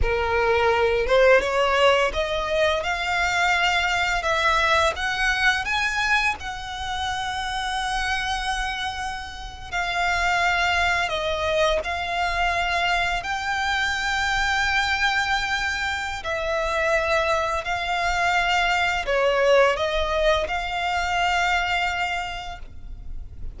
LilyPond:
\new Staff \with { instrumentName = "violin" } { \time 4/4 \tempo 4 = 85 ais'4. c''8 cis''4 dis''4 | f''2 e''4 fis''4 | gis''4 fis''2.~ | fis''4.~ fis''16 f''2 dis''16~ |
dis''8. f''2 g''4~ g''16~ | g''2. e''4~ | e''4 f''2 cis''4 | dis''4 f''2. | }